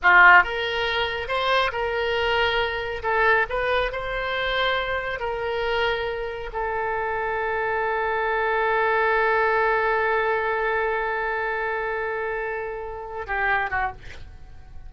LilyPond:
\new Staff \with { instrumentName = "oboe" } { \time 4/4 \tempo 4 = 138 f'4 ais'2 c''4 | ais'2. a'4 | b'4 c''2. | ais'2. a'4~ |
a'1~ | a'1~ | a'1~ | a'2~ a'8 g'4 fis'8 | }